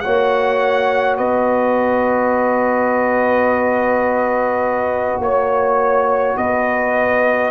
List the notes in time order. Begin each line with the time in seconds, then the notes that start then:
0.00 F#4 C#5 F#5
0.06 A#3
1.17 B3 B4 D#5
5.19 A#3 C#5
6.37 B3 B4 D#5